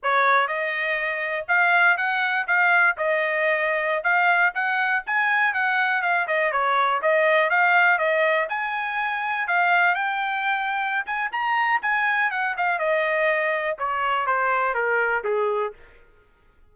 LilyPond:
\new Staff \with { instrumentName = "trumpet" } { \time 4/4 \tempo 4 = 122 cis''4 dis''2 f''4 | fis''4 f''4 dis''2~ | dis''16 f''4 fis''4 gis''4 fis''8.~ | fis''16 f''8 dis''8 cis''4 dis''4 f''8.~ |
f''16 dis''4 gis''2 f''8.~ | f''16 g''2~ g''16 gis''8 ais''4 | gis''4 fis''8 f''8 dis''2 | cis''4 c''4 ais'4 gis'4 | }